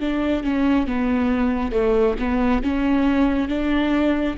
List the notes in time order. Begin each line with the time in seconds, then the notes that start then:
0.00 D4
0.44 C#4
0.87 B3
1.72 A3
2.19 B3
2.63 C#4
3.48 D4